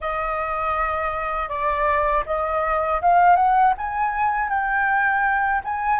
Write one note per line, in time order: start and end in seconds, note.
0.00 1.49 D#5
1.49 2.24 D5
2.26 3.01 D#5
3.01 3.36 F5
3.36 3.73 F#5
3.77 4.49 G#5
4.49 5.61 G5
5.64 5.99 G#5